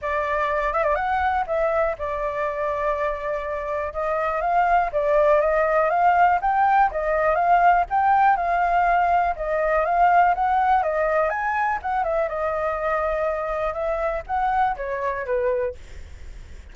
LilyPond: \new Staff \with { instrumentName = "flute" } { \time 4/4 \tempo 4 = 122 d''4. e''16 d''16 fis''4 e''4 | d''1 | dis''4 f''4 d''4 dis''4 | f''4 g''4 dis''4 f''4 |
g''4 f''2 dis''4 | f''4 fis''4 dis''4 gis''4 | fis''8 e''8 dis''2. | e''4 fis''4 cis''4 b'4 | }